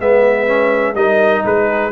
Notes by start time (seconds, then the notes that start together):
0.00 G#3 B3 B4 E5
0.47 C#4
0.95 G3 D#4 A#4 D#5
1.45 G#3 G#4 B4